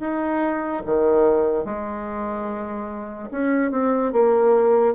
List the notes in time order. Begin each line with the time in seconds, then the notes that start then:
0.00 D#4
0.86 D#3
1.65 G#3
3.31 C#4
3.71 C4
4.12 A#3